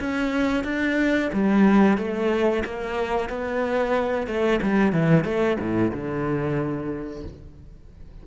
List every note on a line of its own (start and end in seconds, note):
0.00 0.64 C#4
0.64 1.30 D4
1.33 1.98 G3
1.98 2.64 A3
2.65 3.30 A#3
3.30 4.27 B3
4.27 4.60 A3
4.62 4.93 G3
4.93 5.25 E3
5.25 5.58 A3
5.60 5.92 A2
5.92 7.23 D3